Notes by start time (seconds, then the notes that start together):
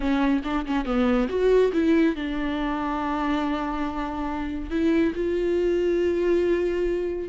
0.00 C#4
0.44 D4
0.66 C#4
0.85 B3
1.29 F#4
1.72 E4
2.15 D4
4.70 E4
5.14 F4